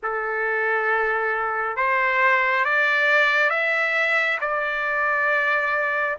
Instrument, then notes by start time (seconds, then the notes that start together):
trumpet
0.02 A4
1.76 C5
2.64 D5
3.50 E5
4.40 D5